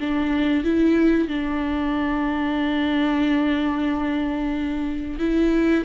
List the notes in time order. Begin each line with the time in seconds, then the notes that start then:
0.00 D4
0.64 E4
1.28 D4
5.19 E4